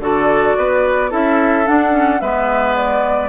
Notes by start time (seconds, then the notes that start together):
0.00 D3 F#4 A4 D5
0.57 B3 B4
1.10 C#4 E4 A4 E5
1.65 D4 F#5
1.91 C#4
2.20 G#3 B3 B4 E5
2.76 D5